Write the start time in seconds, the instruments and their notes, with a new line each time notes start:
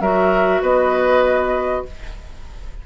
0.00 bassoon F#3, clarinet F#4, oboe A#4, flute E5
0.61 bassoon B3, oboe B4, flute D#5